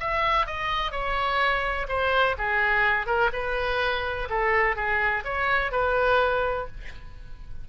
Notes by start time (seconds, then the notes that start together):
0.00 E5
0.46 D#5
0.91 C#5
1.88 C5
2.38 G#4
3.06 A#4
3.33 B4
4.29 A4
4.76 G#4
5.24 C#5
5.72 B4